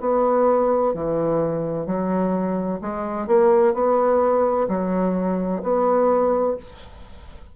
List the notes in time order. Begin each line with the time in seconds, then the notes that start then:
0.00 B3
0.93 E3
1.86 F#3
2.81 G#3
3.27 A#3
3.73 B3
4.68 F#3
5.62 B3